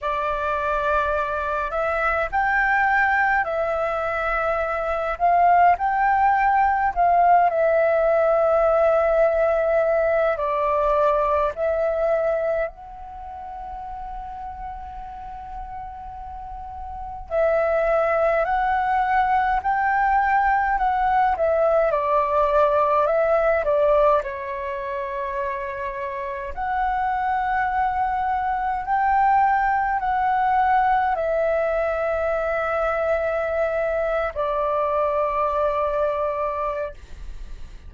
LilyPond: \new Staff \with { instrumentName = "flute" } { \time 4/4 \tempo 4 = 52 d''4. e''8 g''4 e''4~ | e''8 f''8 g''4 f''8 e''4.~ | e''4 d''4 e''4 fis''4~ | fis''2. e''4 |
fis''4 g''4 fis''8 e''8 d''4 | e''8 d''8 cis''2 fis''4~ | fis''4 g''4 fis''4 e''4~ | e''4.~ e''16 d''2~ d''16 | }